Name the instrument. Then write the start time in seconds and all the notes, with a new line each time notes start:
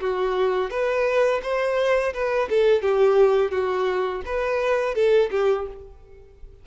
violin
0.00 F#4
0.70 B4
1.42 C5
2.13 B4
2.49 A4
2.82 G4
3.51 F#4
4.25 B4
4.94 A4
5.31 G4